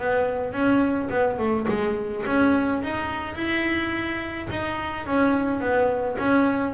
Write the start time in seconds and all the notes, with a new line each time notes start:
0.00 B3
0.53 C#4
1.10 B3
1.39 A3
1.68 G#3
2.27 C#4
2.83 D#4
3.35 E4
4.50 D#4
5.06 C#4
5.61 B3
6.19 C#4